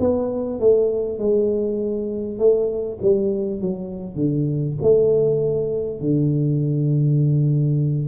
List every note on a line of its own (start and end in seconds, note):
0.00 0.59 B3
0.59 1.18 A3
1.18 2.38 G#3
2.38 2.98 A3
3.02 3.61 G3
3.61 4.15 F#3
4.15 4.75 D3
4.82 6.00 A3
6.00 8.08 D3